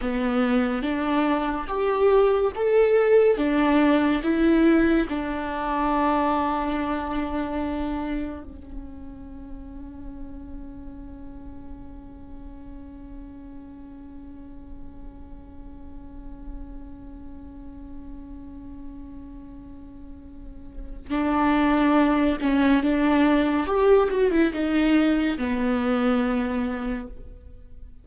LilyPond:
\new Staff \with { instrumentName = "viola" } { \time 4/4 \tempo 4 = 71 b4 d'4 g'4 a'4 | d'4 e'4 d'2~ | d'2 cis'2~ | cis'1~ |
cis'1~ | cis'1~ | cis'4 d'4. cis'8 d'4 | g'8 fis'16 e'16 dis'4 b2 | }